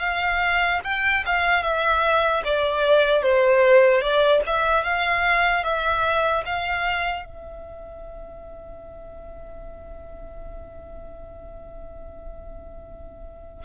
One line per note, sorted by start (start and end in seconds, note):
0.00 0.80 F5
0.84 1.24 G5
1.26 1.63 F5
1.63 2.43 E5
2.44 3.23 D5
3.23 4.01 C5
4.01 4.41 D5
4.46 4.83 E5
4.83 5.63 F5
5.63 6.43 E5
6.45 7.25 F5
7.25 13.64 E5